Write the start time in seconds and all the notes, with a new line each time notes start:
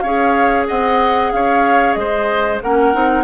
0.00 C#4 G#4 C#5 F5
0.68 C4 D#5 F#5
1.32 C#4 C#5 F5
1.94 G#3 C5 D#5
2.62 A#3 C#4 A#4 F#5
2.94 C4 D#4